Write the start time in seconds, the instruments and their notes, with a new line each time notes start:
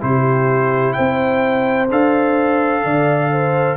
0.00 tuba C3, trombone E4, horn G4, trumpet C5
0.93 tuba C4, horn C5, trumpet G5
1.90 tuba D4, trombone A4, trumpet F5
2.84 tuba D3, horn D5
3.31 horn C5